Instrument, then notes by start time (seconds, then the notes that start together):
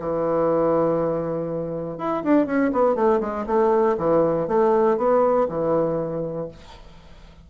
bassoon
0.00 E3
1.99 E4
2.24 D4
2.47 C#4
2.73 B3
2.96 A3
3.21 G#3
3.47 A3
3.98 E3
4.48 A3
4.97 B3
5.49 E3